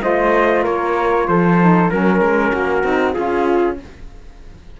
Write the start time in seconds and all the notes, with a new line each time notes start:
0.00 A3 F4 C5 D#5
0.62 A#3 A#4 C#5
1.27 F3 A4 C5
1.60 D#4
1.89 F#3 C#4 A#4
2.20 G#3
2.51 A#3 F#4
2.83 C4 D#4
3.13 C#4 F4 G#4